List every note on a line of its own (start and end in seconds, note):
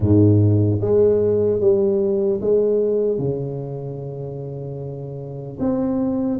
0.00 0.79 G#2
0.81 1.60 G#3
1.60 2.40 G3
2.40 3.18 G#3
3.18 5.58 C#3
5.59 6.39 C4